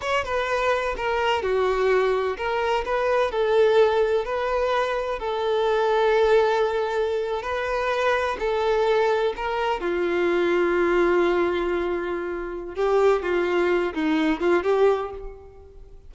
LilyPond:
\new Staff \with { instrumentName = "violin" } { \time 4/4 \tempo 4 = 127 cis''8 b'4. ais'4 fis'4~ | fis'4 ais'4 b'4 a'4~ | a'4 b'2 a'4~ | a'2.~ a'8. b'16~ |
b'4.~ b'16 a'2 ais'16~ | ais'8. f'2.~ f'16~ | f'2. g'4 | f'4. dis'4 f'8 g'4 | }